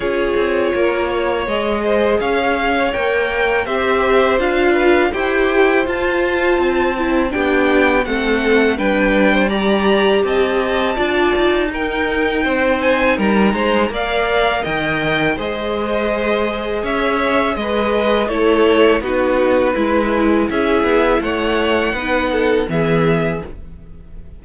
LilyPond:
<<
  \new Staff \with { instrumentName = "violin" } { \time 4/4 \tempo 4 = 82 cis''2 dis''4 f''4 | g''4 e''4 f''4 g''4 | a''2 g''4 fis''4 | g''4 ais''4 a''2 |
g''4. gis''8 ais''4 f''4 | g''4 dis''2 e''4 | dis''4 cis''4 b'2 | e''4 fis''2 e''4 | }
  \new Staff \with { instrumentName = "violin" } { \time 4/4 gis'4 ais'8 cis''4 c''8 cis''4~ | cis''4 c''4. b'8 c''4~ | c''2 g'4 a'4 | b'8. c''16 d''4 dis''4 d''4 |
ais'4 c''4 ais'8 c''8 d''4 | dis''4 c''2 cis''4 | b'4 a'4 fis'4 e'4 | gis'4 cis''4 b'8 a'8 gis'4 | }
  \new Staff \with { instrumentName = "viola" } { \time 4/4 f'2 gis'2 | ais'4 g'4 f'4 g'4 | f'4. e'8 d'4 c'4 | d'4 g'2 f'4 |
dis'2. ais'4~ | ais'4 gis'2.~ | gis'4 e'4 dis'4 e'4~ | e'2 dis'4 b4 | }
  \new Staff \with { instrumentName = "cello" } { \time 4/4 cis'8 c'8 ais4 gis4 cis'4 | ais4 c'4 d'4 e'4 | f'4 c'4 b4 a4 | g2 c'4 d'8 dis'8~ |
dis'4 c'4 g8 gis8 ais4 | dis4 gis2 cis'4 | gis4 a4 b4 gis4 | cis'8 b8 a4 b4 e4 | }
>>